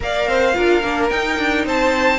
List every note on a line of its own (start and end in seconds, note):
0.00 0.26 A#3
0.00 0.54 A#4
0.00 0.29 D5
0.00 1.09 F5
0.26 0.54 C4
0.26 0.55 C5
0.54 0.83 D4
0.54 0.81 F4
0.54 1.65 A#4
0.83 1.10 A#3
0.83 1.10 D4
1.09 1.38 D#4
1.09 2.18 D#4
1.09 1.65 G5
1.38 1.65 D4
1.65 2.18 C4
1.65 2.18 C5
1.65 2.18 A5